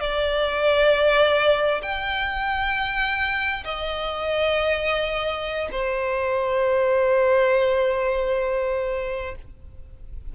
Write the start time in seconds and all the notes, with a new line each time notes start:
0.00 D5
1.82 G5
3.64 D#5
5.71 C5